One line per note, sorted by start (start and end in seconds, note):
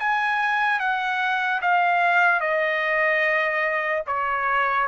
0.00 0.80 G#5
0.80 1.61 F#5
1.62 2.41 F5
2.41 4.03 D#5
4.08 4.89 C#5